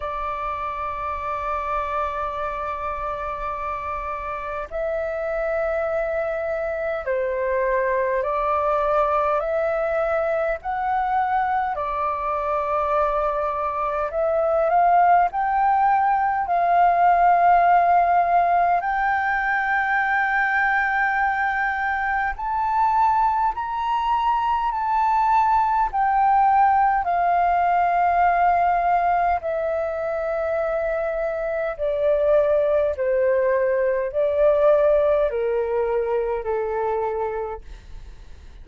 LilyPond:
\new Staff \with { instrumentName = "flute" } { \time 4/4 \tempo 4 = 51 d''1 | e''2 c''4 d''4 | e''4 fis''4 d''2 | e''8 f''8 g''4 f''2 |
g''2. a''4 | ais''4 a''4 g''4 f''4~ | f''4 e''2 d''4 | c''4 d''4 ais'4 a'4 | }